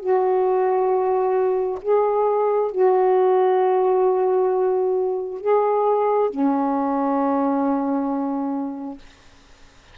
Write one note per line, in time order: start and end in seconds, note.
0.00 1.79 F#4
1.82 2.72 G#4
2.72 5.41 F#4
5.41 6.30 G#4
6.30 8.99 C#4